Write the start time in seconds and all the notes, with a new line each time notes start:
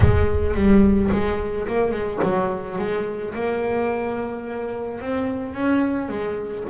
0.00 G#3
0.54 G3
1.11 G#3
1.67 A#3
1.91 G#3
2.23 F#3
2.78 G#3
3.34 A#3
5.00 C4
5.54 C#4
6.09 G#3